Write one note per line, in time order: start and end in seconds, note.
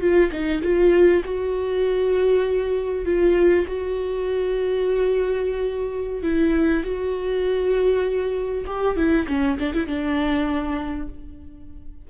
0.00 0.30 F4
0.31 0.61 D#4
0.62 1.23 F4
1.24 3.05 F#4
3.05 3.65 F4
3.67 6.23 F#4
6.23 6.83 E4
6.83 8.65 F#4
8.66 8.96 G4
8.96 9.26 E4
9.27 9.58 C#4
9.59 9.74 D4
9.74 9.86 E4
9.86 11.07 D4